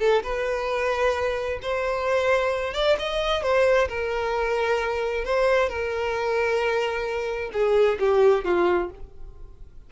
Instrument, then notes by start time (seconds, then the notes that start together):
violin
0.00 A4
0.23 B4
1.63 C5
2.74 D5
2.99 D#5
3.43 C5
3.89 A#4
5.25 C5
5.69 A#4
7.54 G#4
8.00 G4
8.45 F4